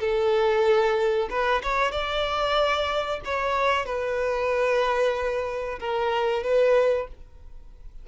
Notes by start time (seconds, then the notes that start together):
0.00 A4
1.30 B4
1.63 C#5
1.91 D5
3.25 C#5
3.86 B4
5.80 A#4
6.43 B4